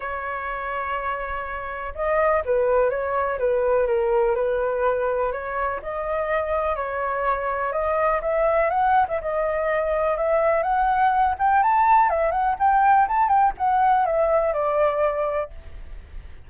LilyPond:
\new Staff \with { instrumentName = "flute" } { \time 4/4 \tempo 4 = 124 cis''1 | dis''4 b'4 cis''4 b'4 | ais'4 b'2 cis''4 | dis''2 cis''2 |
dis''4 e''4 fis''8. e''16 dis''4~ | dis''4 e''4 fis''4. g''8 | a''4 e''8 fis''8 g''4 a''8 g''8 | fis''4 e''4 d''2 | }